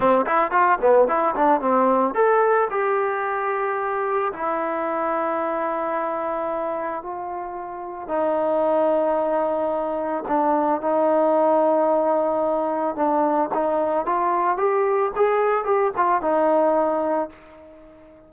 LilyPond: \new Staff \with { instrumentName = "trombone" } { \time 4/4 \tempo 4 = 111 c'8 e'8 f'8 b8 e'8 d'8 c'4 | a'4 g'2. | e'1~ | e'4 f'2 dis'4~ |
dis'2. d'4 | dis'1 | d'4 dis'4 f'4 g'4 | gis'4 g'8 f'8 dis'2 | }